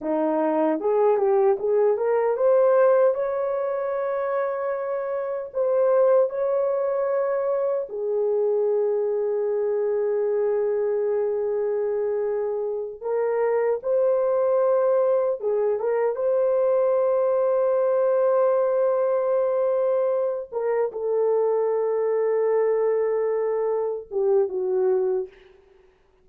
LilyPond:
\new Staff \with { instrumentName = "horn" } { \time 4/4 \tempo 4 = 76 dis'4 gis'8 g'8 gis'8 ais'8 c''4 | cis''2. c''4 | cis''2 gis'2~ | gis'1~ |
gis'8 ais'4 c''2 gis'8 | ais'8 c''2.~ c''8~ | c''2 ais'8 a'4.~ | a'2~ a'8 g'8 fis'4 | }